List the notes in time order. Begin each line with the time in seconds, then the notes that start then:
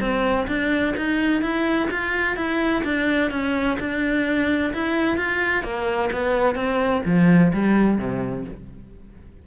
0.00 C4
0.48 D4
0.97 D#4
1.42 E4
1.91 F4
2.36 E4
2.84 D4
3.31 C#4
3.79 D4
4.73 E4
5.17 F4
5.63 A#3
6.12 B3
6.55 C4
7.05 F3
7.53 G3
7.98 C3